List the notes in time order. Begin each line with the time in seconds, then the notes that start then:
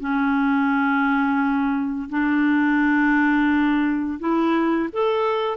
0.00 C#4
2.10 D4
4.20 E4
4.93 A4